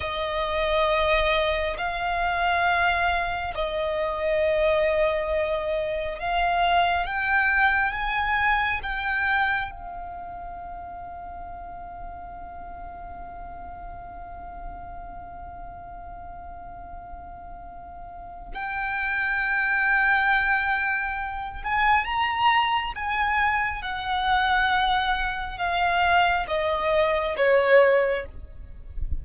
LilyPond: \new Staff \with { instrumentName = "violin" } { \time 4/4 \tempo 4 = 68 dis''2 f''2 | dis''2. f''4 | g''4 gis''4 g''4 f''4~ | f''1~ |
f''1~ | f''4 g''2.~ | g''8 gis''8 ais''4 gis''4 fis''4~ | fis''4 f''4 dis''4 cis''4 | }